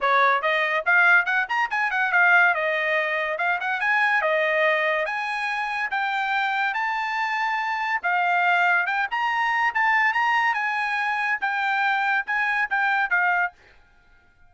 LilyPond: \new Staff \with { instrumentName = "trumpet" } { \time 4/4 \tempo 4 = 142 cis''4 dis''4 f''4 fis''8 ais''8 | gis''8 fis''8 f''4 dis''2 | f''8 fis''8 gis''4 dis''2 | gis''2 g''2 |
a''2. f''4~ | f''4 g''8 ais''4. a''4 | ais''4 gis''2 g''4~ | g''4 gis''4 g''4 f''4 | }